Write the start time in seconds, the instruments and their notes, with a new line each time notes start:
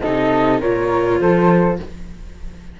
0.00 cello C3, viola D#4, flute A4 D#5
0.60 cello A#2, viola F4, flute A#4 C#5
1.20 cello F3, flute A4 C5